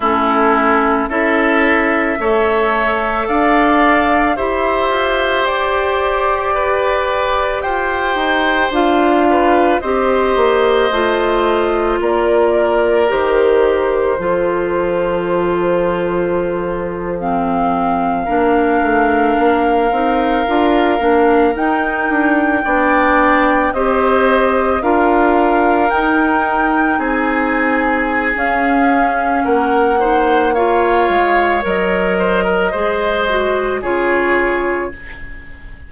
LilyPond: <<
  \new Staff \with { instrumentName = "flute" } { \time 4/4 \tempo 4 = 55 a'4 e''2 f''4 | e''4 d''2 g''4 | f''4 dis''2 d''4 | c''2.~ c''8. f''16~ |
f''2.~ f''8. g''16~ | g''4.~ g''16 dis''4 f''4 g''16~ | g''8. gis''4~ gis''16 f''4 fis''4 | f''4 dis''2 cis''4 | }
  \new Staff \with { instrumentName = "oboe" } { \time 4/4 e'4 a'4 cis''4 d''4 | c''2 b'4 c''4~ | c''8 b'8 c''2 ais'4~ | ais'4 a'2.~ |
a'8. ais'2.~ ais'16~ | ais'8. d''4 c''4 ais'4~ ais'16~ | ais'8. gis'2~ gis'16 ais'8 c''8 | cis''4. c''16 ais'16 c''4 gis'4 | }
  \new Staff \with { instrumentName = "clarinet" } { \time 4/4 cis'4 e'4 a'2 | g'1 | f'4 g'4 f'2 | g'4 f'2~ f'8. c'16~ |
c'8. d'4. dis'8 f'8 d'8 dis'16~ | dis'8. d'4 g'4 f'4 dis'16~ | dis'2 cis'4. dis'8 | f'4 ais'4 gis'8 fis'8 f'4 | }
  \new Staff \with { instrumentName = "bassoon" } { \time 4/4 a4 cis'4 a4 d'4 | e'8 f'8 g'2 f'8 dis'8 | d'4 c'8 ais8 a4 ais4 | dis4 f2.~ |
f8. ais8 a8 ais8 c'8 d'8 ais8 dis'16~ | dis'16 d'8 b4 c'4 d'4 dis'16~ | dis'8. c'4~ c'16 cis'4 ais4~ | ais8 gis8 fis4 gis4 cis4 | }
>>